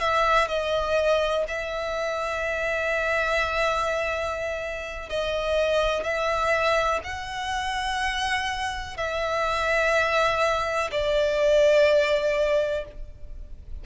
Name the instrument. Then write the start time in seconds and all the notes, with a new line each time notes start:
violin
0.00 E5
0.48 D#5
1.48 E5
5.10 D#5
6.04 E5
7.04 F#5
8.97 E5
10.91 D5